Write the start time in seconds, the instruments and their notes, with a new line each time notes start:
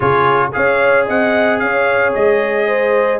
0.00 tuba C#3, trombone F4, horn G#4, trumpet C#5
0.53 tuba C#4, trombone G#4, horn C#5, trumpet F5
1.05 tuba C4, horn D#5, trumpet F#5
1.59 tuba C#4, horn C#5, trumpet F5
2.14 tuba G#3, trumpet D#5
2.66 horn C5